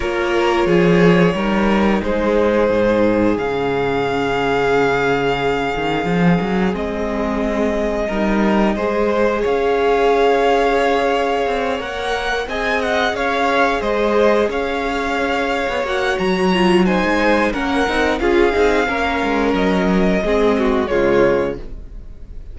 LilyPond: <<
  \new Staff \with { instrumentName = "violin" } { \time 4/4 \tempo 4 = 89 cis''2. c''4~ | c''4 f''2.~ | f''2 dis''2~ | dis''2 f''2~ |
f''4. fis''4 gis''8 fis''8 f''8~ | f''8 dis''4 f''2 fis''8 | ais''4 gis''4 fis''4 f''4~ | f''4 dis''2 cis''4 | }
  \new Staff \with { instrumentName = "violin" } { \time 4/4 ais'4 gis'4 ais'4 gis'4~ | gis'1~ | gis'1 | ais'4 c''4 cis''2~ |
cis''2~ cis''8 dis''4 cis''8~ | cis''8 c''4 cis''2~ cis''8~ | cis''4 c''4 ais'4 gis'4 | ais'2 gis'8 fis'8 f'4 | }
  \new Staff \with { instrumentName = "viola" } { \time 4/4 f'2 dis'2~ | dis'4 cis'2.~ | cis'2 c'2 | dis'4 gis'2.~ |
gis'4. ais'4 gis'4.~ | gis'2.~ gis'8 fis'8~ | fis'8 f'8 dis'4 cis'8 dis'8 f'8 dis'8 | cis'2 c'4 gis4 | }
  \new Staff \with { instrumentName = "cello" } { \time 4/4 ais4 f4 g4 gis4 | gis,4 cis2.~ | cis8 dis8 f8 fis8 gis2 | g4 gis4 cis'2~ |
cis'4 c'8 ais4 c'4 cis'8~ | cis'8 gis4 cis'4.~ cis'16 b16 ais8 | fis4~ fis16 gis8. ais8 c'8 cis'8 c'8 | ais8 gis8 fis4 gis4 cis4 | }
>>